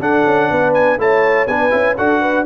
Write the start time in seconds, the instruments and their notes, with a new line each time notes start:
0.00 tuba D4, trombone D4, horn A4, trumpet F#5
0.26 tuba C#4
0.50 tuba B3, horn B4
0.74 trumpet G#5
0.98 tuba A3, trombone E4, horn C#5, trumpet A5
1.47 tuba B3, trombone D4, horn B4, trumpet G#5
1.71 tuba C#4, trombone E4
1.97 tuba D4, trombone F#4, horn A4, trumpet F#5
2.21 horn B4